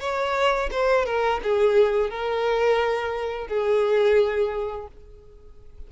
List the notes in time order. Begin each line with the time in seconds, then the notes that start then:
0.00 C#5
0.71 C5
1.06 A#4
1.43 G#4
2.10 A#4
3.48 G#4